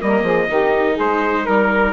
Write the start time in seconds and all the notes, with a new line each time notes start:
0.00 G3 A#3 A#4 D#5
0.23 F3 G#4
0.49 D#3 D#4 G4
0.94 G#3 G#4 C5
1.44 G3 A#4